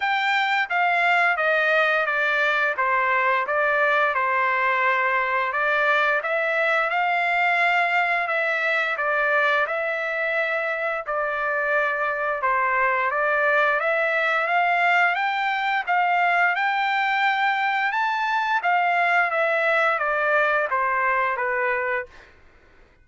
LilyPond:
\new Staff \with { instrumentName = "trumpet" } { \time 4/4 \tempo 4 = 87 g''4 f''4 dis''4 d''4 | c''4 d''4 c''2 | d''4 e''4 f''2 | e''4 d''4 e''2 |
d''2 c''4 d''4 | e''4 f''4 g''4 f''4 | g''2 a''4 f''4 | e''4 d''4 c''4 b'4 | }